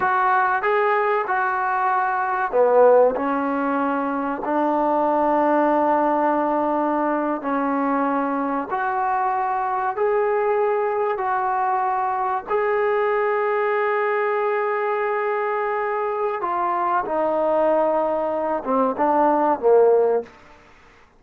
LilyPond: \new Staff \with { instrumentName = "trombone" } { \time 4/4 \tempo 4 = 95 fis'4 gis'4 fis'2 | b4 cis'2 d'4~ | d'2.~ d'8. cis'16~ | cis'4.~ cis'16 fis'2 gis'16~ |
gis'4.~ gis'16 fis'2 gis'16~ | gis'1~ | gis'2 f'4 dis'4~ | dis'4. c'8 d'4 ais4 | }